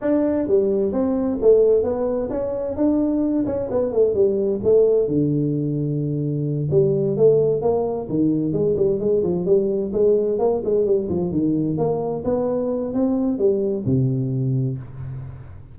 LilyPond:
\new Staff \with { instrumentName = "tuba" } { \time 4/4 \tempo 4 = 130 d'4 g4 c'4 a4 | b4 cis'4 d'4. cis'8 | b8 a8 g4 a4 d4~ | d2~ d8 g4 a8~ |
a8 ais4 dis4 gis8 g8 gis8 | f8 g4 gis4 ais8 gis8 g8 | f8 dis4 ais4 b4. | c'4 g4 c2 | }